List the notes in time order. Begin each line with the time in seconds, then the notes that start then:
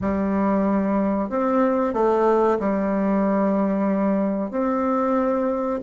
0.01 G3
1.29 C4
1.93 A3
2.59 G3
4.50 C4